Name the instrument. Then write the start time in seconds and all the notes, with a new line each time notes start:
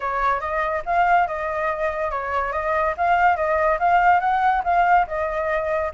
flute
0.00 C#5
0.40 D#5
0.85 F5
1.27 D#5
2.10 C#5
2.52 D#5
2.97 F5
3.36 D#5
3.79 F5
4.20 F#5
4.64 F5
5.07 D#5